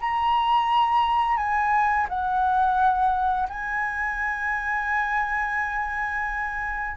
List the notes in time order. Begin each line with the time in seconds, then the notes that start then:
0.00 A#5
1.37 G#5
2.09 F#5
3.49 G#5